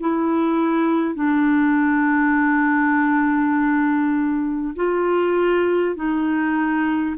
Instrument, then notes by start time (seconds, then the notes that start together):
clarinet
0.00 E4
1.15 D4
4.76 F4
5.96 D#4